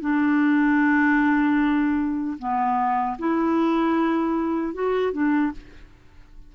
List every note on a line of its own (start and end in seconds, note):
0.00 2.37 D4
2.38 3.17 B3
3.18 4.73 E4
4.73 5.12 F#4
5.12 5.52 D4